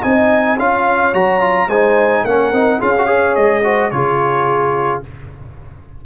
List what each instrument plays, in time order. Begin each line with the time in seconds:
0.00 tuba C4, trombone D#4, horn D#5, trumpet G#5
0.56 tuba C#4, trombone F4, horn C#5, trumpet F5
1.12 tuba F#3, trombone F#4, trumpet A#5
1.40 trombone F4
1.67 tuba G#3, trombone D#4, horn C5, trumpet G#5
2.23 tuba A#3, trombone C#4, horn A#4, trumpet F#5
2.52 tuba C4, trombone D#4
2.78 tuba C#4, trombone F4, horn G#4, trumpet F5
2.97 trombone F#4
3.06 trombone G#4, horn C#5
3.35 tuba G#3, trumpet D#5
3.64 trombone F#4, horn C5
3.90 tuba C#3, trombone F4, horn G#4, trumpet C#5